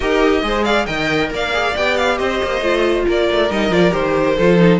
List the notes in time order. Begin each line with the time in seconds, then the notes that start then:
0.00 D#4 G4 A#4 D#5
0.42 G#3 G#4 C5
0.64 D5 F5
0.86 D#3 A#4 D#5 G5
1.30 A#3 D5 F5
1.53 G#4
1.76 B3 G4 G5
1.97 F5
2.17 C4 C5 D#5
2.43 A#3
2.60 A3 F4
3.07 A#3 A#4 D5
3.31 A3
3.50 G3 D#4 D#5
3.69 F3 F4 D5
3.90 D#3 G4 C5
4.37 F3 F4 A4
4.58 D#4